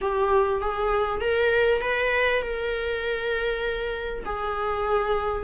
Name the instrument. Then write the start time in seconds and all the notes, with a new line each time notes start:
viola
0.01 G4
0.60 G#4
1.20 A#4
1.81 B4
2.42 A#4
4.25 G#4